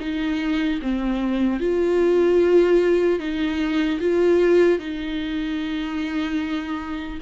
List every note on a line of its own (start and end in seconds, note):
0.00 0.80 D#4
0.82 1.60 C4
1.60 3.20 F4
3.20 4.00 D#4
4.00 4.79 F4
4.79 7.19 D#4